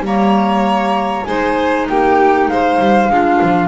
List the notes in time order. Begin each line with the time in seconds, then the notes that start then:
0.00 G3 A#3
0.06 C#5 A#5
1.25 G#3 D#4 C5 G#5
1.89 A#3 G4 G5
2.48 G#3 C5 F5
2.79 G3
3.09 G#3 D4 F4
3.43 F3